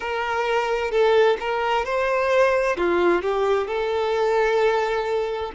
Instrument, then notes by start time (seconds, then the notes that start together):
violin
0.00 A#4
0.91 A4
1.40 A#4
1.85 C5
2.77 F4
3.22 G4
3.67 A4